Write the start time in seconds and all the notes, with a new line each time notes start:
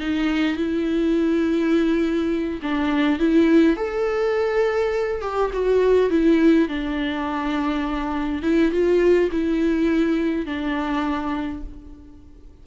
0.00 D#4
0.56 E4
2.62 D4
3.19 E4
3.76 A4
5.21 G4
5.53 F#4
6.10 E4
6.68 D4
8.42 E4
8.71 F4
9.32 E4
10.46 D4